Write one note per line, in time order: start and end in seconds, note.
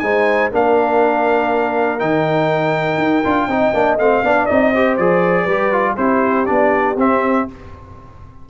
0.00 0.52 G#3
0.00 0.52 D#4
0.00 0.52 C5
0.00 0.50 G#5
0.52 2.02 A#3
0.52 2.00 D4
0.52 3.49 A#4
0.52 2.00 F5
2.00 2.98 D#3
2.00 3.24 D#4
2.00 3.98 G5
2.98 3.23 D#4
3.25 3.48 D4
3.25 3.50 F4
3.48 3.73 C4
3.48 3.74 D#4
3.48 4.25 D#5
3.74 3.98 A#3
3.74 3.99 D4
3.98 4.23 A3
3.98 4.25 C4
3.98 4.46 F5
4.24 4.48 B3
4.24 4.49 D4
4.24 4.73 D5
4.46 4.99 C4
4.46 4.74 D#4
4.46 4.96 D#5
4.73 5.00 G4
4.73 5.43 C5
4.97 5.47 F3
4.97 5.49 G#4
4.97 5.97 D5
5.43 5.96 G3
5.43 5.93 B4
5.50 5.73 G4
5.73 5.98 F4
5.97 6.48 C4
5.97 6.46 E4
5.97 7.47 G4
5.97 6.46 C5
6.46 6.96 B3
6.46 6.96 D4
6.46 6.96 D5
6.96 7.46 C4
6.96 7.49 C4
6.96 7.50 E5